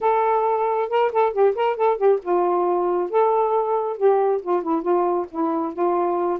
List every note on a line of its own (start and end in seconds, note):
0.00 0.89 A4
0.89 1.11 A#4
1.12 1.32 A4
1.32 1.54 G4
1.55 1.76 A#4
1.76 1.97 A4
1.97 2.19 G4
2.22 3.10 F4
3.10 3.97 A4
3.97 4.41 G4
4.42 4.62 F4
4.62 4.81 E4
4.81 5.26 F4
5.30 5.73 E4
5.73 6.39 F4